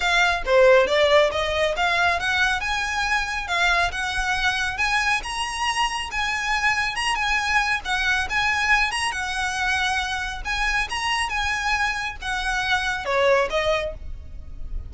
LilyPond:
\new Staff \with { instrumentName = "violin" } { \time 4/4 \tempo 4 = 138 f''4 c''4 d''4 dis''4 | f''4 fis''4 gis''2 | f''4 fis''2 gis''4 | ais''2 gis''2 |
ais''8 gis''4. fis''4 gis''4~ | gis''8 ais''8 fis''2. | gis''4 ais''4 gis''2 | fis''2 cis''4 dis''4 | }